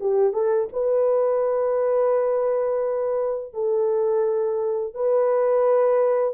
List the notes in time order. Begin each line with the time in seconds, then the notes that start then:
0.00 G4
0.33 A4
0.73 B4
3.54 A4
4.94 B4